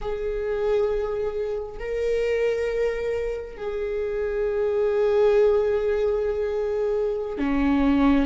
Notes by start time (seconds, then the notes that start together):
0.01 G#4
1.79 A#4
3.57 G#4
7.38 C#4